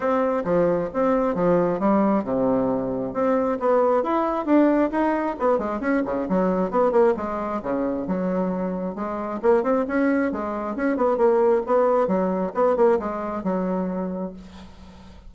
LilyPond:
\new Staff \with { instrumentName = "bassoon" } { \time 4/4 \tempo 4 = 134 c'4 f4 c'4 f4 | g4 c2 c'4 | b4 e'4 d'4 dis'4 | b8 gis8 cis'8 cis8 fis4 b8 ais8 |
gis4 cis4 fis2 | gis4 ais8 c'8 cis'4 gis4 | cis'8 b8 ais4 b4 fis4 | b8 ais8 gis4 fis2 | }